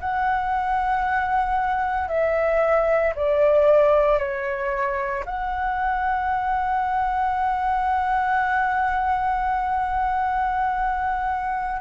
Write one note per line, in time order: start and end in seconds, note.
0.00 2.08 F#5
2.08 3.13 E5
3.15 4.18 D5
4.18 5.23 C#5
5.25 11.80 F#5